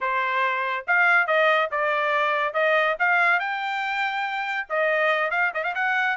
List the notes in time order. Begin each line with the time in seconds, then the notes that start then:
0.00 C5
0.87 F5
1.26 D#5
1.71 D5
2.53 D#5
2.99 F5
3.39 G5
4.69 D#5
5.30 F5
5.54 D#5
5.63 F5
5.74 F#5